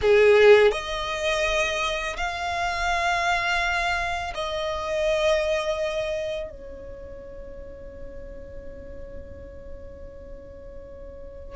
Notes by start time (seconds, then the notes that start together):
0.01 G#4
0.71 D#5
2.17 F5
4.34 D#5
6.50 C#5